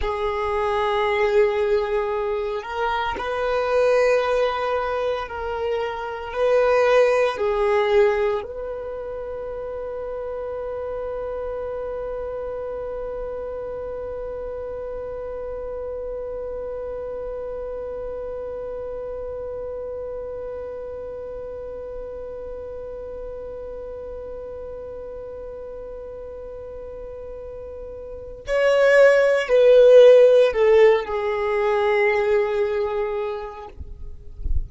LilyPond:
\new Staff \with { instrumentName = "violin" } { \time 4/4 \tempo 4 = 57 gis'2~ gis'8 ais'8 b'4~ | b'4 ais'4 b'4 gis'4 | b'1~ | b'1~ |
b'1~ | b'1~ | b'2. cis''4 | b'4 a'8 gis'2~ gis'8 | }